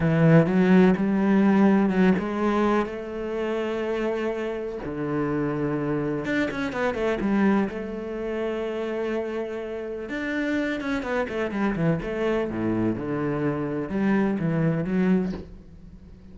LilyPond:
\new Staff \with { instrumentName = "cello" } { \time 4/4 \tempo 4 = 125 e4 fis4 g2 | fis8 gis4. a2~ | a2 d2~ | d4 d'8 cis'8 b8 a8 g4 |
a1~ | a4 d'4. cis'8 b8 a8 | g8 e8 a4 a,4 d4~ | d4 g4 e4 fis4 | }